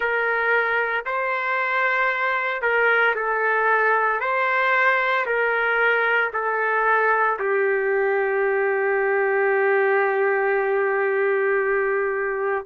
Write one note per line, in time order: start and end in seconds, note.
0.00 1.05 A#4
1.05 2.61 C5
2.61 3.14 A#4
3.15 4.20 A4
4.20 5.25 C5
5.26 6.31 A#4
6.33 7.38 A4
7.39 12.65 G4